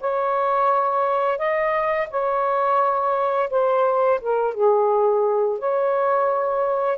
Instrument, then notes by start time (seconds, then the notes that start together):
saxophone
0.00 C#5
1.38 D#5
2.10 C#5
3.50 C5
4.21 A#4
4.54 G#4
5.58 C#5